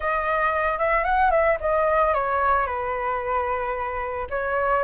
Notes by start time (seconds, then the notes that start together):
0.00 D#5
0.78 E5
1.04 F#5
1.30 E5
1.60 D#5
2.14 C#5
2.66 B4
4.30 C#5